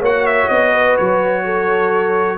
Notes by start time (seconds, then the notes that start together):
0.00 A#3 F#4 C#5 F#5
0.26 E5
0.49 B3 D#5
0.72 B4
0.97 F#3 C#5
1.45 A4